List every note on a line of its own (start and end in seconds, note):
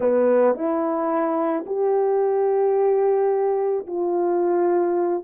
0.00 0.54 B3
0.54 1.64 E4
1.66 3.86 G4
3.87 5.24 F4